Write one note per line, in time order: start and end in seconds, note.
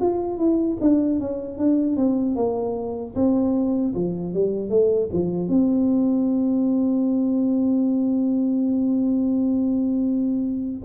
0.00 0.37 F4
0.37 0.77 E4
0.80 1.19 D4
1.19 1.58 C#4
1.58 1.96 D4
1.96 2.35 C4
2.35 3.14 A#3
3.15 3.94 C4
3.94 4.33 F3
4.33 4.69 G3
4.69 5.09 A3
5.12 5.48 F3
5.48 10.81 C4